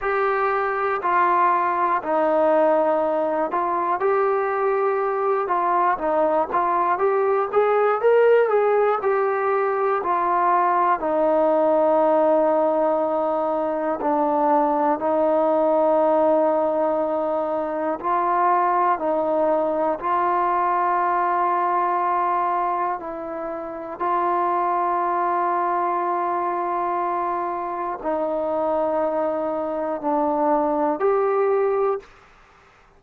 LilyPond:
\new Staff \with { instrumentName = "trombone" } { \time 4/4 \tempo 4 = 60 g'4 f'4 dis'4. f'8 | g'4. f'8 dis'8 f'8 g'8 gis'8 | ais'8 gis'8 g'4 f'4 dis'4~ | dis'2 d'4 dis'4~ |
dis'2 f'4 dis'4 | f'2. e'4 | f'1 | dis'2 d'4 g'4 | }